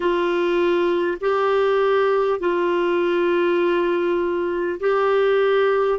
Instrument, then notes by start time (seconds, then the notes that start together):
clarinet
0.00 F4
1.21 G4
2.39 F4
4.79 G4